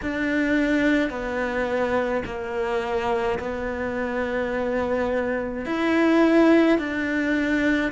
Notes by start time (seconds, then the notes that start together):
0.02 D4
1.10 B3
2.25 A#3
3.39 B3
5.66 E4
6.78 D4